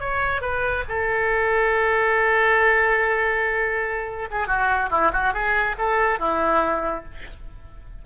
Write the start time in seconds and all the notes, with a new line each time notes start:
0.00 C#5
0.41 B4
0.88 A4
4.31 G#4
4.47 F#4
4.91 E4
5.12 F#4
5.34 G#4
5.78 A4
6.19 E4